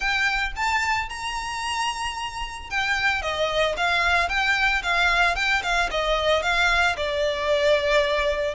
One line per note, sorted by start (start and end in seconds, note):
0.00 0.52 G5
0.56 1.09 A5
1.09 2.69 A#5
2.69 3.22 G5
3.22 3.75 D#5
3.76 4.29 F5
4.29 4.82 G5
4.83 5.35 F5
5.35 5.62 G5
5.62 5.89 F5
5.91 6.42 D#5
6.42 6.95 F5
6.96 8.54 D5